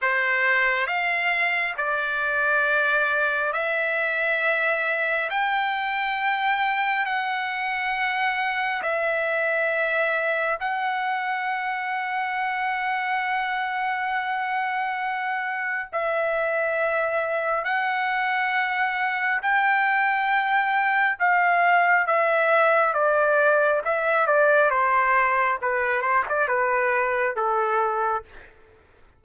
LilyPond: \new Staff \with { instrumentName = "trumpet" } { \time 4/4 \tempo 4 = 68 c''4 f''4 d''2 | e''2 g''2 | fis''2 e''2 | fis''1~ |
fis''2 e''2 | fis''2 g''2 | f''4 e''4 d''4 e''8 d''8 | c''4 b'8 c''16 d''16 b'4 a'4 | }